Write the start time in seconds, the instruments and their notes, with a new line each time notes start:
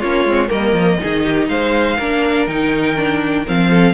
0.00 cello A#3, viola C#4, violin F4 C#5
0.25 cello G#3, viola C4
0.48 cello G3, viola A#3, violin A#4 D#5
0.73 cello F3
1.00 cello D#3, viola D#4, violin G#4
1.24 violin G4
1.49 cello G#3, violin C5 F5
1.97 cello A#3, viola D4, violin A#4
2.47 cello D#3, viola D#4, violin G5
2.97 viola D4
3.46 cello F3, viola C4, violin F5
3.70 violin A4